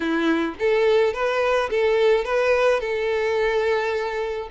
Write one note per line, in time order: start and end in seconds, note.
0.00 0.55 E4
0.59 1.13 A4
1.13 1.69 B4
1.69 2.25 A4
2.25 2.80 B4
2.80 4.48 A4